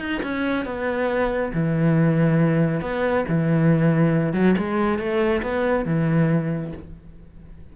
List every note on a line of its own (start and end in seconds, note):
0.00 0.22 D#4
0.23 0.65 C#4
0.65 1.52 B3
1.54 2.82 E3
2.82 3.25 B3
3.29 4.34 E3
4.34 4.55 F#3
4.58 4.99 G#3
4.99 5.42 A3
5.43 5.86 B3
5.86 6.73 E3